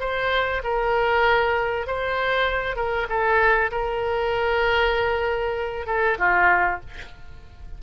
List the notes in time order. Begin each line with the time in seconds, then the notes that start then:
0.00 C5
0.64 A#4
1.87 C5
2.76 A#4
3.09 A4
3.71 A#4
5.86 A4
6.18 F4